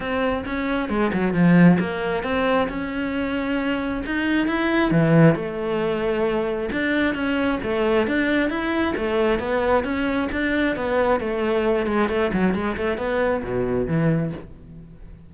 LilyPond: \new Staff \with { instrumentName = "cello" } { \time 4/4 \tempo 4 = 134 c'4 cis'4 gis8 fis8 f4 | ais4 c'4 cis'2~ | cis'4 dis'4 e'4 e4 | a2. d'4 |
cis'4 a4 d'4 e'4 | a4 b4 cis'4 d'4 | b4 a4. gis8 a8 fis8 | gis8 a8 b4 b,4 e4 | }